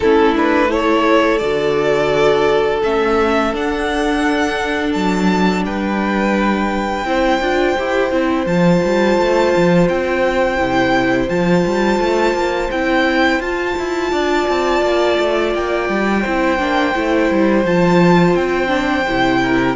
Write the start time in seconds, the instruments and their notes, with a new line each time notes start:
0.00 cello A3, viola C#4, violin E4 A4
0.35 viola D4, violin B4
0.68 viola E4, violin A4 C#5
1.37 cello D3, viola F#4, violin D5
2.82 cello A3, viola C#4, violin E5
3.53 viola D4, cello D4, violin F#5
4.92 cello F#3, violin A5
5.64 cello G3, violin B4 G5
7.04 cello C4, viola E4, violin C5
7.40 cello D4, viola F4
7.78 cello E4, viola G4
8.11 cello C4, viola E4
8.46 cello F3, viola F4, violin A5
8.84 cello G3
9.18 cello A3
9.56 cello F3
9.88 cello C4, violin G5
10.58 cello C3, viola E4
11.27 cello F3, viola F4, violin A5
11.65 cello G3
11.99 cello A3
12.34 cello A#3
12.71 cello C4, viola E4, violin G5
13.39 cello F4, viola F4, violin A5
13.78 cello E4
14.11 cello D4, violin D5
14.48 cello C4
14.82 cello A#3
15.19 cello A3
15.54 cello A#3, violin G5
15.89 cello G3
16.21 cello C4, viola E4, violin C5
16.58 cello A#3, viola D4
16.94 cello A3, viola E4
17.31 cello G3
17.64 cello F3, viola F4, violin A5
18.34 cello C4, violin G5
18.67 viola D4
19.08 cello C3, viola E4
19.42 violin A#4